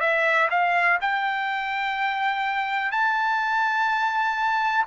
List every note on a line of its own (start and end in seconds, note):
0.00 0.48 E5
0.50 0.99 F5
1.01 2.91 G5
2.91 4.85 A5